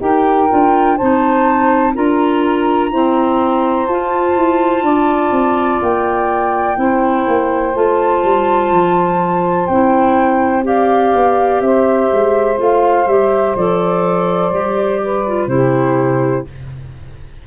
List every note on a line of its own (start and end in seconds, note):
0.00 0.49 D#4
0.00 0.48 G4
0.00 0.97 A#4
0.00 0.98 G5
0.50 1.01 D4
0.50 0.98 F4
0.97 1.97 C4
0.97 1.95 D#4
0.97 1.94 C5
0.97 1.95 A5
1.95 2.92 D4
1.95 2.92 F4
1.95 2.91 A#4
1.95 3.87 A#5
2.92 3.89 C4
2.92 3.88 E4
2.92 4.84 C5
3.87 4.36 F4
3.87 6.76 F4
3.87 5.80 A5
4.36 4.82 E4
4.82 5.31 D4
4.82 6.78 D5
5.32 5.80 C4
5.82 6.77 A#3
5.82 7.76 G5
6.76 7.26 C4
6.76 7.73 E4
6.76 10.66 C5
7.28 7.75 A#3
7.74 8.24 A3
7.74 9.68 F4
7.74 9.67 A5
8.24 8.71 G3
8.71 9.68 F3
9.67 11.14 C4
9.67 10.63 E4
9.67 10.63 G5
10.63 12.56 G4
10.63 11.63 D5
10.63 11.61 F5
11.15 11.61 B3
11.61 12.09 C4
11.61 15.03 C5
11.61 12.58 E5
12.13 12.60 G#3
12.56 13.07 A3
12.56 13.05 F4
12.56 13.07 F5
13.07 13.55 G3
13.07 13.57 G4
13.07 13.56 E5
13.56 14.51 F3
13.56 14.52 A4
13.56 15.48 D5
14.51 15.47 G3
14.51 15.25 G4
15.03 15.51 B4
15.27 15.48 F4
15.47 16.44 C3
15.47 16.45 E4
15.47 16.47 G4
15.47 16.45 C5